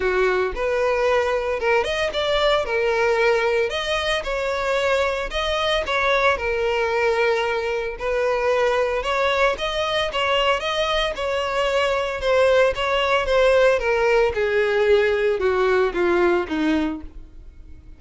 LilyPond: \new Staff \with { instrumentName = "violin" } { \time 4/4 \tempo 4 = 113 fis'4 b'2 ais'8 dis''8 | d''4 ais'2 dis''4 | cis''2 dis''4 cis''4 | ais'2. b'4~ |
b'4 cis''4 dis''4 cis''4 | dis''4 cis''2 c''4 | cis''4 c''4 ais'4 gis'4~ | gis'4 fis'4 f'4 dis'4 | }